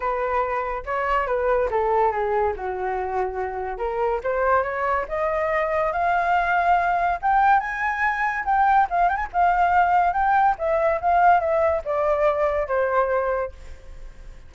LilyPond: \new Staff \with { instrumentName = "flute" } { \time 4/4 \tempo 4 = 142 b'2 cis''4 b'4 | a'4 gis'4 fis'2~ | fis'4 ais'4 c''4 cis''4 | dis''2 f''2~ |
f''4 g''4 gis''2 | g''4 f''8 g''16 gis''16 f''2 | g''4 e''4 f''4 e''4 | d''2 c''2 | }